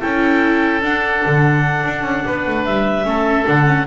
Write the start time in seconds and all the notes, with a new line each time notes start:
0.00 C#4 E4 A4 G5
0.82 D4 F#5
1.26 D3
1.84 D4
2.02 C#4
2.26 B3 B4
2.47 A3
2.65 G3 E5
3.04 A3 C#4 A4
3.46 D3 D4 F#5
3.66 C#4